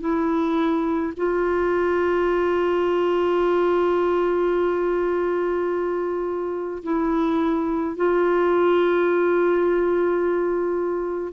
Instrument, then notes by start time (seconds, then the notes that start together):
clarinet
0.00 E4
1.17 F4
6.83 E4
7.97 F4